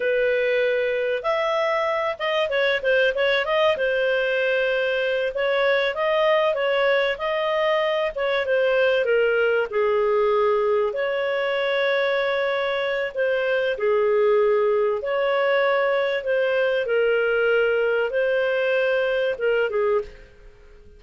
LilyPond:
\new Staff \with { instrumentName = "clarinet" } { \time 4/4 \tempo 4 = 96 b'2 e''4. dis''8 | cis''8 c''8 cis''8 dis''8 c''2~ | c''8 cis''4 dis''4 cis''4 dis''8~ | dis''4 cis''8 c''4 ais'4 gis'8~ |
gis'4. cis''2~ cis''8~ | cis''4 c''4 gis'2 | cis''2 c''4 ais'4~ | ais'4 c''2 ais'8 gis'8 | }